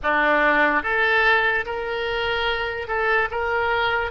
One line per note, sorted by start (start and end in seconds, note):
0.02 0.83 D4
0.83 1.65 A4
1.65 2.87 A#4
2.87 3.28 A4
3.30 4.11 A#4